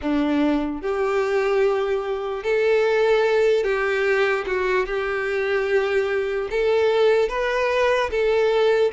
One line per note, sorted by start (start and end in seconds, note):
0.01 0.81 D4
0.81 2.43 G4
2.43 3.63 A4
3.63 4.44 G4
4.46 4.86 F#4
4.86 6.48 G4
6.50 7.28 A4
7.28 8.09 B4
8.10 8.91 A4